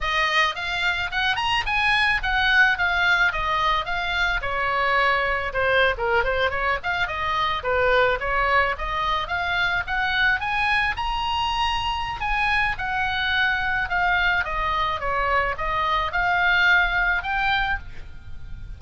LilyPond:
\new Staff \with { instrumentName = "oboe" } { \time 4/4 \tempo 4 = 108 dis''4 f''4 fis''8 ais''8 gis''4 | fis''4 f''4 dis''4 f''4 | cis''2 c''8. ais'8 c''8 cis''16~ | cis''16 f''8 dis''4 b'4 cis''4 dis''16~ |
dis''8. f''4 fis''4 gis''4 ais''16~ | ais''2 gis''4 fis''4~ | fis''4 f''4 dis''4 cis''4 | dis''4 f''2 g''4 | }